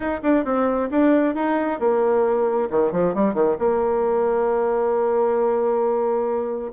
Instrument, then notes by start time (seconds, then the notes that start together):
bassoon
0.00 D#4
0.22 D4
0.44 C4
0.90 D4
1.35 D#4
1.79 A#3
2.70 D#3
2.92 F3
3.14 G3
3.34 D#3
3.58 A#3